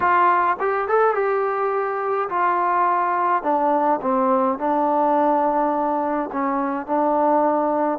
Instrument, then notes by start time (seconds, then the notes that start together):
trombone
0.00 F4
0.59 G4
0.88 A4
1.14 G4
2.29 F4
3.42 D4
4.01 C4
4.58 D4
6.32 C#4
6.86 D4